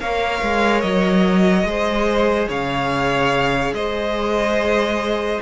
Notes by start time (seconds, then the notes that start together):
0.00 A#3 A#4 C#5 F5
0.42 G#3
0.81 F#3 D#5
1.64 G#3 G#4 C5
2.49 C#3 C#5 F5
3.73 G#3 C5 D#5